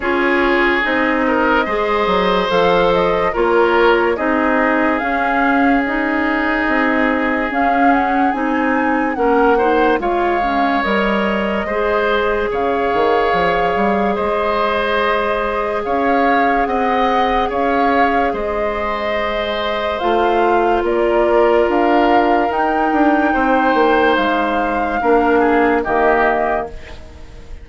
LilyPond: <<
  \new Staff \with { instrumentName = "flute" } { \time 4/4 \tempo 4 = 72 cis''4 dis''2 f''8 dis''8 | cis''4 dis''4 f''4 dis''4~ | dis''4 f''8 fis''8 gis''4 fis''4 | f''4 dis''2 f''4~ |
f''4 dis''2 f''4 | fis''4 f''4 dis''2 | f''4 d''4 f''4 g''4~ | g''4 f''2 dis''4 | }
  \new Staff \with { instrumentName = "oboe" } { \time 4/4 gis'4. ais'8 c''2 | ais'4 gis'2.~ | gis'2. ais'8 c''8 | cis''2 c''4 cis''4~ |
cis''4 c''2 cis''4 | dis''4 cis''4 c''2~ | c''4 ais'2. | c''2 ais'8 gis'8 g'4 | }
  \new Staff \with { instrumentName = "clarinet" } { \time 4/4 f'4 dis'4 gis'4 a'4 | f'4 dis'4 cis'4 dis'4~ | dis'4 cis'4 dis'4 cis'8 dis'8 | f'8 cis'8 ais'4 gis'2~ |
gis'1~ | gis'1 | f'2. dis'4~ | dis'2 d'4 ais4 | }
  \new Staff \with { instrumentName = "bassoon" } { \time 4/4 cis'4 c'4 gis8 fis8 f4 | ais4 c'4 cis'2 | c'4 cis'4 c'4 ais4 | gis4 g4 gis4 cis8 dis8 |
f8 g8 gis2 cis'4 | c'4 cis'4 gis2 | a4 ais4 d'4 dis'8 d'8 | c'8 ais8 gis4 ais4 dis4 | }
>>